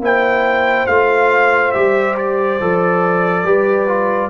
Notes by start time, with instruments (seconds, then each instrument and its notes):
0.00 tuba A#3, trombone E4, horn C5, trumpet G5
0.87 tuba A3, trombone F4, trumpet F5
1.72 tuba G3, trombone G4, trumpet E5
2.18 trumpet D5
2.60 tuba F3, trombone A4
3.44 tuba G3, trombone G4, horn B4
3.87 trombone F4